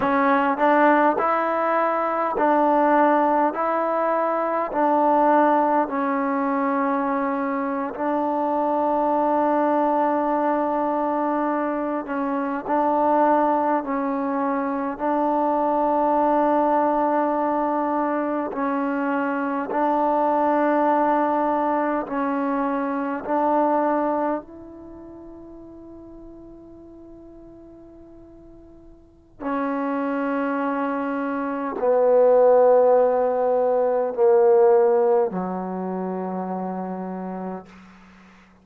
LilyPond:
\new Staff \with { instrumentName = "trombone" } { \time 4/4 \tempo 4 = 51 cis'8 d'8 e'4 d'4 e'4 | d'4 cis'4.~ cis'16 d'4~ d'16~ | d'2~ d'16 cis'8 d'4 cis'16~ | cis'8. d'2. cis'16~ |
cis'8. d'2 cis'4 d'16~ | d'8. e'2.~ e'16~ | e'4 cis'2 b4~ | b4 ais4 fis2 | }